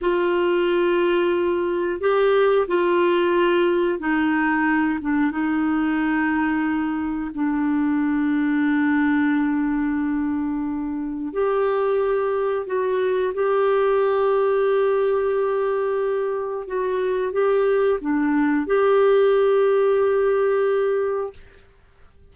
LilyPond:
\new Staff \with { instrumentName = "clarinet" } { \time 4/4 \tempo 4 = 90 f'2. g'4 | f'2 dis'4. d'8 | dis'2. d'4~ | d'1~ |
d'4 g'2 fis'4 | g'1~ | g'4 fis'4 g'4 d'4 | g'1 | }